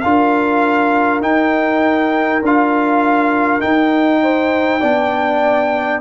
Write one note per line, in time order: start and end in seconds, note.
0.00 1.20 D4
0.00 1.21 F4
0.00 4.22 A#4
0.00 1.20 F5
1.20 2.40 D#4
1.20 2.41 D#4
1.20 2.42 G5
2.41 3.61 D4
2.41 3.60 F4
2.41 3.60 F5
3.60 4.80 D#4
3.60 4.83 D#4
3.60 6.00 G5
4.22 4.79 C5
4.79 6.00 B3
4.79 6.00 D4
4.79 6.00 D5